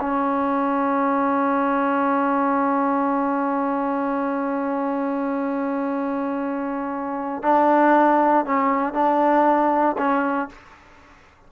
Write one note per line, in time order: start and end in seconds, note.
0.00 7.43 C#4
7.43 8.45 D4
8.45 8.93 C#4
8.93 9.96 D4
9.97 10.49 C#4